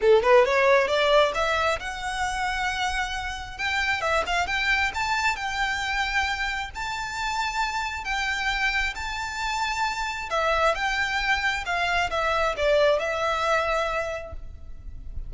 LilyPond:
\new Staff \with { instrumentName = "violin" } { \time 4/4 \tempo 4 = 134 a'8 b'8 cis''4 d''4 e''4 | fis''1 | g''4 e''8 f''8 g''4 a''4 | g''2. a''4~ |
a''2 g''2 | a''2. e''4 | g''2 f''4 e''4 | d''4 e''2. | }